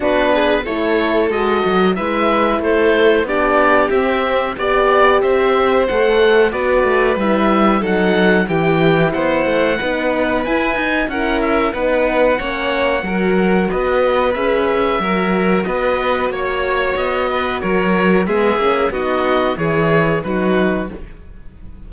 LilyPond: <<
  \new Staff \with { instrumentName = "oboe" } { \time 4/4 \tempo 4 = 92 b'4 cis''4 dis''4 e''4 | c''4 d''4 e''4 d''4 | e''4 fis''4 d''4 e''4 | fis''4 g''4 fis''2 |
gis''4 fis''8 e''8 fis''2~ | fis''4 dis''4 e''2 | dis''4 cis''4 dis''4 cis''4 | e''4 dis''4 cis''4 b'4 | }
  \new Staff \with { instrumentName = "violin" } { \time 4/4 fis'8 gis'8 a'2 b'4 | a'4 g'2 d''4 | c''2 b'2 | a'4 g'4 c''4 b'4~ |
b'4 ais'4 b'4 cis''4 | ais'4 b'2 ais'4 | b'4 cis''4. b'8 ais'4 | gis'4 fis'4 gis'4 fis'4 | }
  \new Staff \with { instrumentName = "horn" } { \time 4/4 d'4 e'4 fis'4 e'4~ | e'4 d'4 c'4 g'4~ | g'4 a'4 fis'4 e'4 | dis'4 e'2 dis'4 |
e'8 dis'8 e'4 dis'4 cis'4 | fis'2 gis'4 fis'4~ | fis'1 | b8 cis'8 dis'4 e'4 dis'4 | }
  \new Staff \with { instrumentName = "cello" } { \time 4/4 b4 a4 gis8 fis8 gis4 | a4 b4 c'4 b4 | c'4 a4 b8 a8 g4 | fis4 e4 b8 a8 b4 |
e'8 dis'8 cis'4 b4 ais4 | fis4 b4 cis'4 fis4 | b4 ais4 b4 fis4 | gis8 ais8 b4 e4 fis4 | }
>>